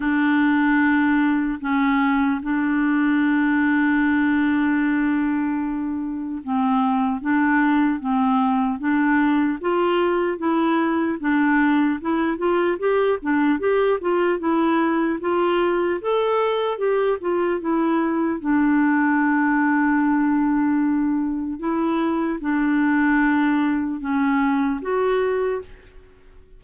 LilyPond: \new Staff \with { instrumentName = "clarinet" } { \time 4/4 \tempo 4 = 75 d'2 cis'4 d'4~ | d'1 | c'4 d'4 c'4 d'4 | f'4 e'4 d'4 e'8 f'8 |
g'8 d'8 g'8 f'8 e'4 f'4 | a'4 g'8 f'8 e'4 d'4~ | d'2. e'4 | d'2 cis'4 fis'4 | }